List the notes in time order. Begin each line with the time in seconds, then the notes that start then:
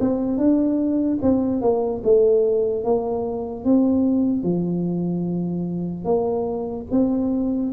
0.00 C4
0.38 D4
1.22 C4
1.61 A#3
2.04 A3
2.85 A#3
3.64 C4
4.43 F3
6.05 A#3
6.91 C4